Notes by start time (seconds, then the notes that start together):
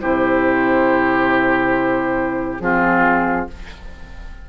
0.00 C3 E4 G4 C5
2.59 F3 C4 F4 G#4